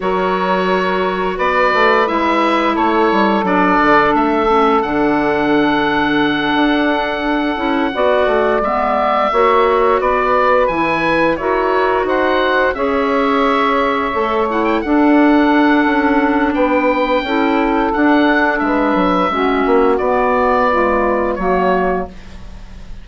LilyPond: <<
  \new Staff \with { instrumentName = "oboe" } { \time 4/4 \tempo 4 = 87 cis''2 d''4 e''4 | cis''4 d''4 e''4 fis''4~ | fis''1~ | fis''8 e''2 d''4 gis''8~ |
gis''8 cis''4 fis''4 e''4.~ | e''4 fis''16 g''16 fis''2~ fis''8 | g''2 fis''4 e''4~ | e''4 d''2 cis''4 | }
  \new Staff \with { instrumentName = "saxophone" } { \time 4/4 ais'2 b'2 | a'1~ | a'2.~ a'8 d''8~ | d''4. cis''4 b'4.~ |
b'8 ais'4 c''4 cis''4.~ | cis''4. a'2~ a'8 | b'4 a'2 b'4 | fis'2 f'4 fis'4 | }
  \new Staff \with { instrumentName = "clarinet" } { \time 4/4 fis'2. e'4~ | e'4 d'4. cis'8 d'4~ | d'2. e'8 fis'8~ | fis'8 b4 fis'2 e'8~ |
e'8 fis'2 gis'4.~ | gis'8 a'8 e'8 d'2~ d'8~ | d'4 e'4 d'2 | cis'4 b4 gis4 ais4 | }
  \new Staff \with { instrumentName = "bassoon" } { \time 4/4 fis2 b8 a8 gis4 | a8 g8 fis8 d8 a4 d4~ | d4. d'4. cis'8 b8 | a8 gis4 ais4 b4 e8~ |
e8 e'4 dis'4 cis'4.~ | cis'8 a4 d'4. cis'4 | b4 cis'4 d'4 gis8 fis8 | gis8 ais8 b2 fis4 | }
>>